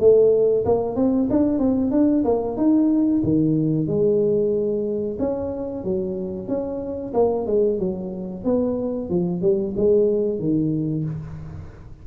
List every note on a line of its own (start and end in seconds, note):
0.00 0.65 A3
0.66 0.96 A#3
0.96 1.29 C4
1.30 1.59 D4
1.59 1.92 C4
1.92 2.24 D4
2.25 2.57 A#3
2.57 3.22 D#4
3.24 3.88 D#3
3.88 5.18 G#3
5.19 5.84 C#4
5.84 6.49 F#3
6.49 7.14 C#4
7.14 7.47 A#3
7.47 7.80 G#3
7.80 8.45 F#3
8.45 9.10 B3
9.10 9.42 F3
9.42 9.75 G3
9.77 10.40 G#3
10.40 11.05 D#3